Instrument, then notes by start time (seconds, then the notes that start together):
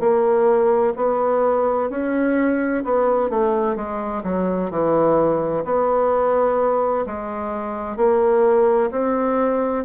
bassoon
0.00 A#3
0.96 B3
1.90 C#4
2.84 B3
3.30 A3
3.76 G#3
4.24 F#3
4.71 E3
5.65 B3
7.06 G#3
7.97 A#3
8.91 C4